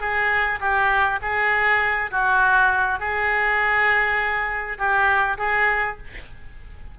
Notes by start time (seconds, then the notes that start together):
0.00 G#4
0.60 G4
1.22 G#4
2.11 F#4
2.99 G#4
4.78 G4
5.37 G#4